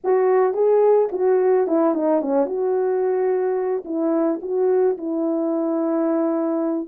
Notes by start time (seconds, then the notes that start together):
0.04 F#4
0.54 G#4
1.12 F#4
1.67 E4
1.94 D#4
2.21 C#4
2.45 F#4
3.85 E4
4.42 F#4
4.97 E4